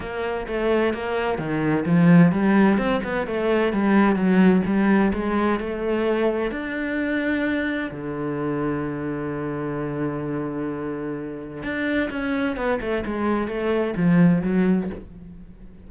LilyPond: \new Staff \with { instrumentName = "cello" } { \time 4/4 \tempo 4 = 129 ais4 a4 ais4 dis4 | f4 g4 c'8 b8 a4 | g4 fis4 g4 gis4 | a2 d'2~ |
d'4 d2.~ | d1~ | d4 d'4 cis'4 b8 a8 | gis4 a4 f4 fis4 | }